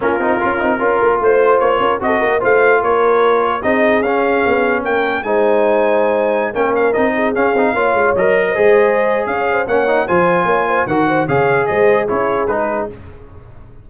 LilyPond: <<
  \new Staff \with { instrumentName = "trumpet" } { \time 4/4 \tempo 4 = 149 ais'2. c''4 | cis''4 dis''4 f''4 cis''4~ | cis''4 dis''4 f''2 | g''4 gis''2.~ |
gis''16 g''8 f''8 dis''4 f''4.~ f''16~ | f''16 dis''2~ dis''8. f''4 | fis''4 gis''2 fis''4 | f''4 dis''4 cis''4 b'4 | }
  \new Staff \with { instrumentName = "horn" } { \time 4/4 f'2 ais'4 c''4~ | c''8 ais'8 a'8 ais'8 c''4 ais'4~ | ais'4 gis'2. | ais'4 c''2.~ |
c''16 ais'4. gis'4. cis''8.~ | cis''4 c''2 cis''8 c''8 | cis''4 c''4 cis''8 c''8 ais'8 c''8 | cis''4 c''4 gis'2 | }
  \new Staff \with { instrumentName = "trombone" } { \time 4/4 cis'8 dis'8 f'8 dis'8 f'2~ | f'4 fis'4 f'2~ | f'4 dis'4 cis'2~ | cis'4 dis'2.~ |
dis'16 cis'4 dis'4 cis'8 dis'8 f'8.~ | f'16 ais'4 gis'2~ gis'8. | cis'8 dis'8 f'2 fis'4 | gis'2 e'4 dis'4 | }
  \new Staff \with { instrumentName = "tuba" } { \time 4/4 ais8 c'8 cis'8 c'8 cis'8 ais8 a4 | ais8 cis'8 c'8 ais8 a4 ais4~ | ais4 c'4 cis'4 b4 | ais4 gis2.~ |
gis16 ais4 c'4 cis'8 c'8 ais8 gis16~ | gis16 fis4 gis4.~ gis16 cis'4 | ais4 f4 ais4 dis4 | cis4 gis4 cis'4 gis4 | }
>>